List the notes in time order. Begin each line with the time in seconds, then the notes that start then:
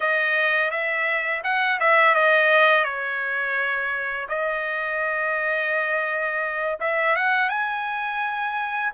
0.00 D#5
0.70 E5
1.43 F#5
1.80 E5
2.14 D#5
2.84 C#5
4.29 D#5
6.80 E5
7.16 F#5
7.49 G#5